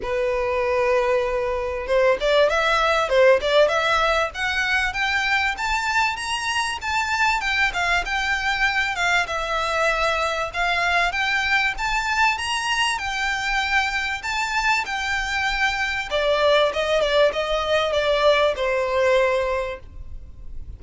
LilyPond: \new Staff \with { instrumentName = "violin" } { \time 4/4 \tempo 4 = 97 b'2. c''8 d''8 | e''4 c''8 d''8 e''4 fis''4 | g''4 a''4 ais''4 a''4 | g''8 f''8 g''4. f''8 e''4~ |
e''4 f''4 g''4 a''4 | ais''4 g''2 a''4 | g''2 d''4 dis''8 d''8 | dis''4 d''4 c''2 | }